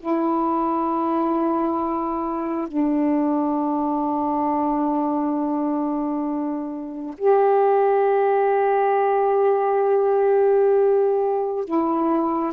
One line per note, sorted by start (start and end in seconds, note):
0.00 2.68 E4
2.68 7.16 D4
7.18 11.65 G4
11.65 12.53 E4